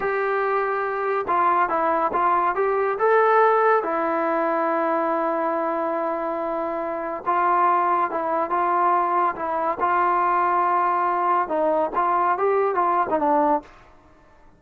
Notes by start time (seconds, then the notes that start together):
0.00 G4
1.27 F4
1.69 E4
2.12 F4
2.55 G4
2.98 A4
3.83 E4
7.26 F4
8.10 E4
8.50 F4
9.35 E4
9.79 F4
11.48 D#4
11.95 F4
12.37 G4
12.74 F4
13.09 D#4
13.19 D4